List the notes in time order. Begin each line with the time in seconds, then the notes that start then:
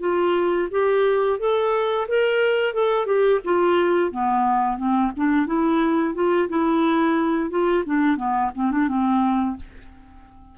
0.00 F4
0.71 G4
1.39 A4
2.08 A#4
2.73 A4
3.06 G4
3.44 F4
4.11 B3
4.77 C4
5.16 D4
5.46 E4
6.14 F4
6.49 E4
7.50 F4
7.86 D4
8.17 B3
8.55 C4
8.71 D4
8.88 C4